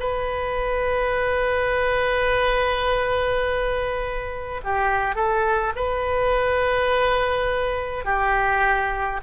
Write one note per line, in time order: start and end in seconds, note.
0.00 4.62 B4
4.64 5.15 G4
5.15 5.73 A4
5.76 8.05 B4
8.05 9.20 G4